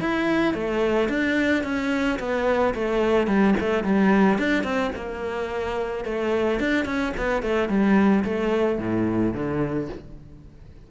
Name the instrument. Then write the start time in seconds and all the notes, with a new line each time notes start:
cello
0.00 E4
0.54 A3
1.09 D4
1.64 C#4
2.19 B3
2.74 A3
3.27 G3
3.60 A3
3.83 G3
4.38 D4
4.64 C4
4.95 A#3
6.05 A3
6.60 D4
6.85 C#4
7.17 B3
7.42 A3
7.69 G3
8.24 A3
8.79 A2
9.34 D3